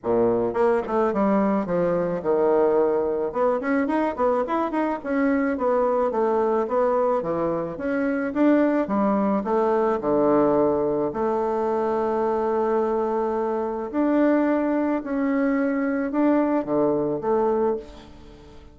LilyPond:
\new Staff \with { instrumentName = "bassoon" } { \time 4/4 \tempo 4 = 108 ais,4 ais8 a8 g4 f4 | dis2 b8 cis'8 dis'8 b8 | e'8 dis'8 cis'4 b4 a4 | b4 e4 cis'4 d'4 |
g4 a4 d2 | a1~ | a4 d'2 cis'4~ | cis'4 d'4 d4 a4 | }